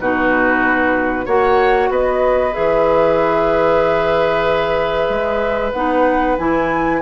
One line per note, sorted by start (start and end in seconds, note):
0.00 1.27 B2
0.00 1.26 D#4
0.00 1.26 F#4
0.00 1.28 B4
1.26 1.89 A#3
1.26 2.53 F#4
1.26 1.90 C#5
1.26 1.92 F#5
1.89 2.53 B3
1.89 7.02 B4
1.89 2.54 D#5
2.53 5.09 E3
2.53 5.72 G#4
2.53 5.73 E5
5.09 5.73 G#3
5.73 6.38 B3
5.73 6.39 D#4
5.73 6.36 F#5
6.38 7.02 E3
6.38 7.02 E4
6.38 7.02 G#5